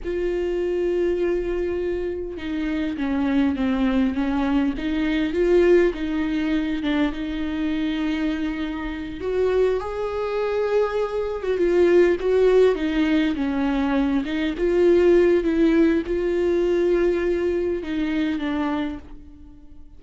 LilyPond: \new Staff \with { instrumentName = "viola" } { \time 4/4 \tempo 4 = 101 f'1 | dis'4 cis'4 c'4 cis'4 | dis'4 f'4 dis'4. d'8 | dis'2.~ dis'8 fis'8~ |
fis'8 gis'2~ gis'8. fis'16 f'8~ | f'8 fis'4 dis'4 cis'4. | dis'8 f'4. e'4 f'4~ | f'2 dis'4 d'4 | }